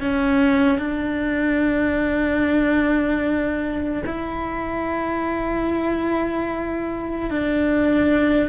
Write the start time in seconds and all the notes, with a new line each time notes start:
0.00 C#4
0.79 D4
4.06 E4
7.30 D4